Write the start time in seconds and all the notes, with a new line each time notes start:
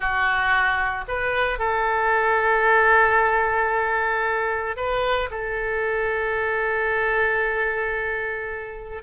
0.00 F#4
1.08 B4
1.58 A4
4.76 B4
5.30 A4